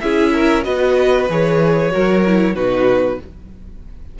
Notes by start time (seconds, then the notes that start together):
0.00 C#4 E4 G#4 E5
0.33 A#4
0.64 B3 F#4 B4 D#5
1.30 E3 G#4 C#5
1.91 F#3 F#4 A#4
2.26 E4
2.55 B2 D#4 F#4 B4